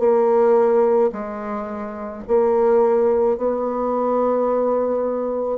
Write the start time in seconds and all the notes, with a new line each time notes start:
0.00 A#3
1.13 G#3
2.28 A#3
3.38 B3